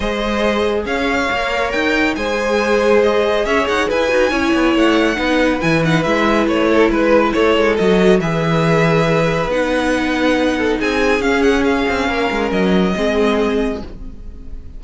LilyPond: <<
  \new Staff \with { instrumentName = "violin" } { \time 4/4 \tempo 4 = 139 dis''2 f''2 | g''4 gis''2 dis''4 | e''8 fis''8 gis''2 fis''4~ | fis''4 gis''8 fis''8 e''4 cis''4 |
b'4 cis''4 dis''4 e''4~ | e''2 fis''2~ | fis''4 gis''4 f''8 fis''8 f''4~ | f''4 dis''2. | }
  \new Staff \with { instrumentName = "violin" } { \time 4/4 c''2 cis''2~ | cis''4 c''2. | cis''4 b'4 cis''2 | b'2.~ b'8 a'8 |
b'4 a'2 b'4~ | b'1~ | b'8 a'8 gis'2. | ais'2 gis'2 | }
  \new Staff \with { instrumentName = "viola" } { \time 4/4 gis'2. ais'4~ | ais'4 gis'2.~ | gis'4. fis'8 e'2 | dis'4 e'8 dis'8 e'2~ |
e'2 fis'4 gis'4~ | gis'2 dis'2~ | dis'2 cis'2~ | cis'2 c'2 | }
  \new Staff \with { instrumentName = "cello" } { \time 4/4 gis2 cis'4 ais4 | dis'4 gis2. | cis'8 dis'8 e'8 dis'8 cis'8 b8 a4 | b4 e4 gis4 a4 |
gis4 a8 gis8 fis4 e4~ | e2 b2~ | b4 c'4 cis'4. c'8 | ais8 gis8 fis4 gis2 | }
>>